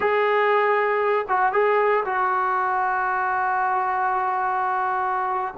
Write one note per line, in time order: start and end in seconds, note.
0.00 1.25 G#4
1.28 1.52 F#4
1.52 2.04 G#4
2.05 5.54 F#4